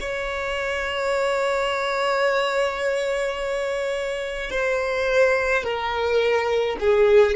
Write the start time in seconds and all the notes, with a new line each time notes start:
0.00 C#5
4.50 C5
5.63 A#4
6.80 G#4